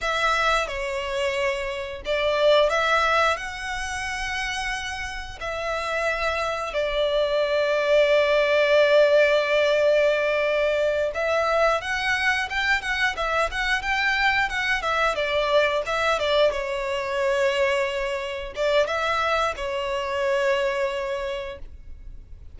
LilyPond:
\new Staff \with { instrumentName = "violin" } { \time 4/4 \tempo 4 = 89 e''4 cis''2 d''4 | e''4 fis''2. | e''2 d''2~ | d''1~ |
d''8 e''4 fis''4 g''8 fis''8 e''8 | fis''8 g''4 fis''8 e''8 d''4 e''8 | d''8 cis''2. d''8 | e''4 cis''2. | }